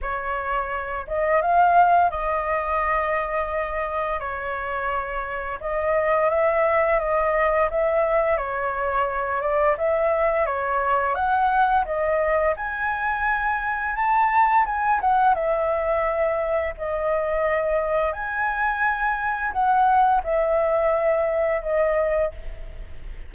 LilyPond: \new Staff \with { instrumentName = "flute" } { \time 4/4 \tempo 4 = 86 cis''4. dis''8 f''4 dis''4~ | dis''2 cis''2 | dis''4 e''4 dis''4 e''4 | cis''4. d''8 e''4 cis''4 |
fis''4 dis''4 gis''2 | a''4 gis''8 fis''8 e''2 | dis''2 gis''2 | fis''4 e''2 dis''4 | }